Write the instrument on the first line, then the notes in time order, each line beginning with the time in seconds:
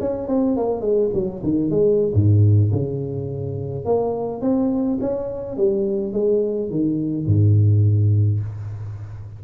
tuba
0.00 C#4
0.28 C4
0.56 A#3
0.81 G#3
1.14 F#3
1.43 D#3
1.70 G#3
2.14 G#2
2.72 C#3
3.85 A#3
4.41 C4
5.01 C#4
5.57 G3
6.13 G#3
6.70 D#3
7.26 G#2